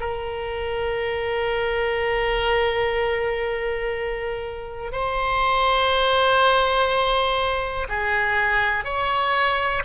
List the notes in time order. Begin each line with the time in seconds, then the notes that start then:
0.00 A#4
4.92 C5
7.89 G#4
8.84 C#5